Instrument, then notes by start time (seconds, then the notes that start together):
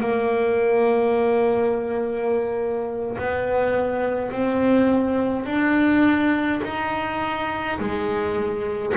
double bass
0.00 A#3
3.18 B3
4.31 C4
5.45 D4
6.63 D#4
7.79 G#3